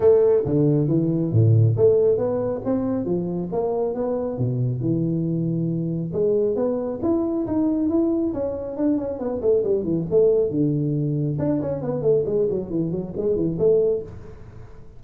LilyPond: \new Staff \with { instrumentName = "tuba" } { \time 4/4 \tempo 4 = 137 a4 d4 e4 a,4 | a4 b4 c'4 f4 | ais4 b4 b,4 e4~ | e2 gis4 b4 |
e'4 dis'4 e'4 cis'4 | d'8 cis'8 b8 a8 g8 e8 a4 | d2 d'8 cis'8 b8 a8 | gis8 fis8 e8 fis8 gis8 e8 a4 | }